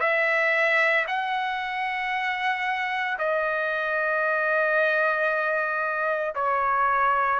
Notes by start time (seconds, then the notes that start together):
0.00 E5
1.07 F#5
3.19 D#5
6.35 C#5